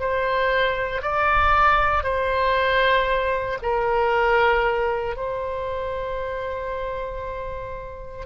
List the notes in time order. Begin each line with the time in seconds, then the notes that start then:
0.00 C5
1.02 D5
2.04 C5
3.62 A#4
5.16 C5